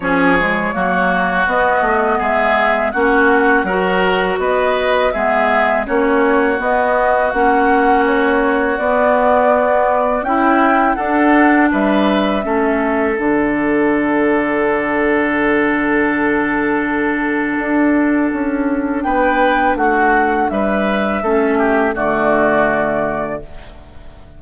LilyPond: <<
  \new Staff \with { instrumentName = "flute" } { \time 4/4 \tempo 4 = 82 cis''2 dis''4 e''4 | fis''2 dis''4 e''4 | cis''4 dis''4 fis''4 cis''4 | d''2 g''4 fis''4 |
e''2 fis''2~ | fis''1~ | fis''2 g''4 fis''4 | e''2 d''2 | }
  \new Staff \with { instrumentName = "oboe" } { \time 4/4 gis'4 fis'2 gis'4 | fis'4 ais'4 b'4 gis'4 | fis'1~ | fis'2 e'4 a'4 |
b'4 a'2.~ | a'1~ | a'2 b'4 fis'4 | b'4 a'8 g'8 fis'2 | }
  \new Staff \with { instrumentName = "clarinet" } { \time 4/4 cis'8 gis8 ais4 b2 | cis'4 fis'2 b4 | cis'4 b4 cis'2 | b2 e'4 d'4~ |
d'4 cis'4 d'2~ | d'1~ | d'1~ | d'4 cis'4 a2 | }
  \new Staff \with { instrumentName = "bassoon" } { \time 4/4 f4 fis4 b8 a8 gis4 | ais4 fis4 b4 gis4 | ais4 b4 ais2 | b2 cis'4 d'4 |
g4 a4 d2~ | d1 | d'4 cis'4 b4 a4 | g4 a4 d2 | }
>>